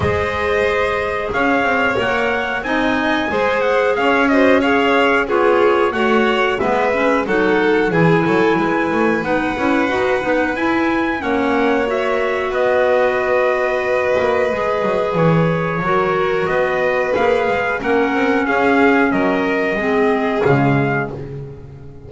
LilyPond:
<<
  \new Staff \with { instrumentName = "trumpet" } { \time 4/4 \tempo 4 = 91 dis''2 f''4 fis''4 | gis''4. fis''8 f''8 dis''8 f''4 | cis''4 fis''4 e''4 fis''4 | gis''2 fis''2 |
gis''4 fis''4 e''4 dis''4~ | dis''2. cis''4~ | cis''4 dis''4 f''4 fis''4 | f''4 dis''2 f''4 | }
  \new Staff \with { instrumentName = "violin" } { \time 4/4 c''2 cis''2 | dis''4 c''4 cis''8 c''8 cis''4 | gis'4 cis''4 b'4 a'4 | gis'8 a'8 b'2.~ |
b'4 cis''2 b'4~ | b'1 | ais'4 b'2 ais'4 | gis'4 ais'4 gis'2 | }
  \new Staff \with { instrumentName = "clarinet" } { \time 4/4 gis'2. ais'4 | dis'4 gis'4. fis'8 gis'4 | f'4 fis'4 b8 cis'8 dis'4 | e'2 dis'8 e'8 fis'8 dis'8 |
e'4 cis'4 fis'2~ | fis'2 gis'2 | fis'2 gis'4 cis'4~ | cis'2 c'4 gis4 | }
  \new Staff \with { instrumentName = "double bass" } { \time 4/4 gis2 cis'8 c'8 ais4 | c'4 gis4 cis'2 | b4 a4 gis4 fis4 | e8 fis8 gis8 a8 b8 cis'8 dis'8 b8 |
e'4 ais2 b4~ | b4. ais8 gis8 fis8 e4 | fis4 b4 ais8 gis8 ais8 c'8 | cis'4 fis4 gis4 cis4 | }
>>